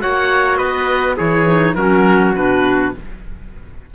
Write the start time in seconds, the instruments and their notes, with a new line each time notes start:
0.00 cello A#3, clarinet F#4, trumpet C#5, oboe F#5
0.57 cello B3, trumpet B4, oboe D#5
1.17 cello E3, clarinet E4, trumpet G#4, oboe C#5
1.46 clarinet D#4
1.75 cello F#3, clarinet C#4, trumpet F#4, oboe A#4
2.35 cello B2, clarinet D4, oboe B4